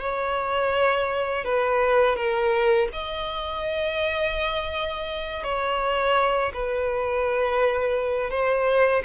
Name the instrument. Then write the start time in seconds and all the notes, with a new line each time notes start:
violin
0.00 C#5
1.45 B4
2.16 A#4
2.92 D#5
5.43 C#5
6.53 B4
8.30 C5